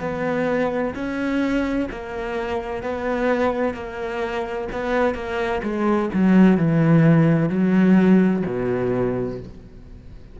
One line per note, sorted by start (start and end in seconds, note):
0.00 0.94 B3
0.95 1.88 C#4
1.91 2.83 A#3
2.83 3.74 B3
3.74 4.68 A#3
4.72 5.14 B3
5.14 5.61 A#3
5.62 6.09 G#3
6.14 6.57 F#3
6.57 7.49 E3
7.49 8.43 F#3
8.46 9.40 B2